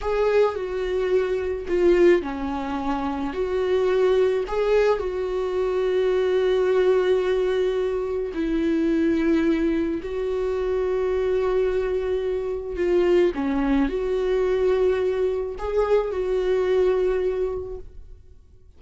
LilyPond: \new Staff \with { instrumentName = "viola" } { \time 4/4 \tempo 4 = 108 gis'4 fis'2 f'4 | cis'2 fis'2 | gis'4 fis'2.~ | fis'2. e'4~ |
e'2 fis'2~ | fis'2. f'4 | cis'4 fis'2. | gis'4 fis'2. | }